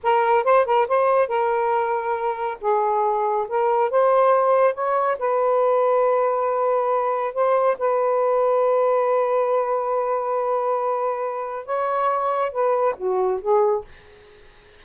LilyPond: \new Staff \with { instrumentName = "saxophone" } { \time 4/4 \tempo 4 = 139 ais'4 c''8 ais'8 c''4 ais'4~ | ais'2 gis'2 | ais'4 c''2 cis''4 | b'1~ |
b'4 c''4 b'2~ | b'1~ | b'2. cis''4~ | cis''4 b'4 fis'4 gis'4 | }